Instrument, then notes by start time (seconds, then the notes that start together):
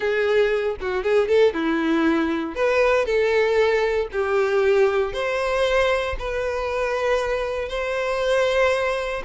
violin
0.00 G#4
0.81 F#4
1.03 G#4
1.28 A4
1.53 E4
2.55 B4
3.05 A4
4.12 G4
5.13 C5
6.18 B4
7.69 C5